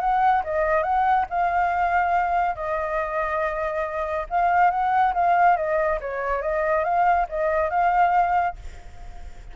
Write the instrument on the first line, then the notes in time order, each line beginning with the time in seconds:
flute
0.00 F#5
0.43 D#5
0.83 F#5
1.30 F5
2.55 D#5
4.29 F5
4.70 F#5
5.14 F5
5.57 D#5
6.00 C#5
6.41 D#5
6.84 F5
7.29 D#5
7.70 F5